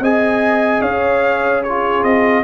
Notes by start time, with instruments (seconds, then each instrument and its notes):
0.00 tuba C4, trombone G#4, horn D#5, trumpet G#5
0.82 tuba C#4, horn C#5, trumpet F5
1.63 trombone F4, horn G#4, trumpet C#5
2.04 tuba C4, trumpet D#5